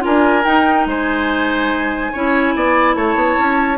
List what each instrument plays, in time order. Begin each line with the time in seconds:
0.00 bassoon D4, clarinet F4, oboe A#4, flute G#5
0.45 bassoon D#4, clarinet D#4, flute G5
0.86 bassoon G#3, oboe C5, flute G#5
2.12 bassoon C#4, clarinet E4, oboe C#5
2.55 bassoon B3, oboe D5
2.95 bassoon A3, oboe C#5, flute A5
3.15 bassoon B3
3.38 bassoon C#4